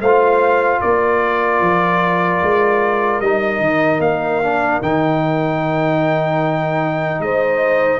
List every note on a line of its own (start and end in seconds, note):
0.00 0.80 A3
0.00 3.24 F4
0.00 0.81 C5
0.00 0.81 F5
0.81 1.60 A#3
0.81 7.21 A#4
0.81 3.20 D5
1.60 2.40 F3
2.42 3.20 G#3
3.20 3.59 G3
3.20 4.43 D#4
3.20 4.00 D#5
3.59 3.99 D#3
3.99 4.79 A#3
3.99 4.81 F5
4.43 4.82 D4
4.81 7.19 D#3
4.81 8.00 D#4
4.81 7.21 G5
7.19 7.99 G#3
7.19 8.00 C5
7.19 8.00 D#5